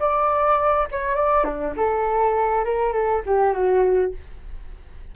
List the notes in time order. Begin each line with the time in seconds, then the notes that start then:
0.00 D5
0.91 C#5
1.16 D5
1.44 D4
1.77 A4
2.65 A#4
2.93 A4
3.26 G4
3.53 F#4